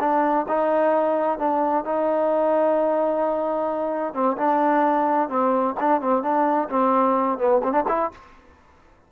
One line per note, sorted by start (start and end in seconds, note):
0.00 0.46 D4
0.48 1.39 D#4
1.39 1.85 D4
1.85 4.14 D#4
4.14 4.37 C4
4.37 5.29 D4
5.29 5.75 C4
5.80 6.01 D4
6.01 6.23 C4
6.23 6.69 D4
6.70 7.38 C4
7.38 7.62 B3
7.63 7.73 C4
7.73 7.84 D4
7.88 8.11 E4